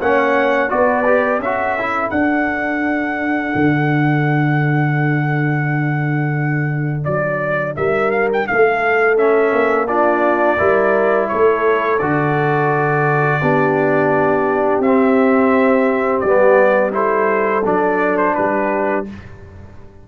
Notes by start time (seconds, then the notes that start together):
0.00 A#3 C#4 C#5 F#5
0.69 B3 F#4 B4 D5
1.05 G4
1.39 C#4 F#4 A4 E5
1.78 E4
2.09 D4 F#5
3.55 D3
7.04 F#3 D5
7.76 G3 A#4 E5
8.11 F5
8.33 G5
8.47 A3 A4 F5
9.17 C#4 E5
9.52 A#3
9.87 D4 F4 D5
10.57 G3 E4 A#4
11.28 A3 A4 C#5
11.98 D3 F#4 D5
13.40 B3 D4 G4
14.79 C4 E5
14.86 C4
16.20 G3 D5
16.27 B3
16.91 E4 A4 C5
17.65 F#3 D4 D5
18.17 C5
18.34 G3 G4 B4